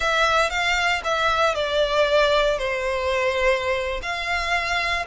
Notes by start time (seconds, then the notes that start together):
0.00 E5
0.49 F5
1.04 E5
1.54 D5
2.58 C5
4.02 F5